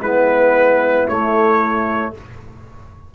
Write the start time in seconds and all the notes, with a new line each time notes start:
0.00 G#3 B3 E4 B4
1.07 A3 C#5